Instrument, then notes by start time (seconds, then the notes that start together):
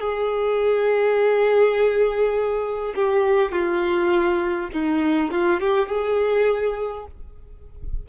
violin
0.00 G#4
2.95 G4
3.52 F4
4.73 D#4
5.31 F4
5.60 G4
5.88 G#4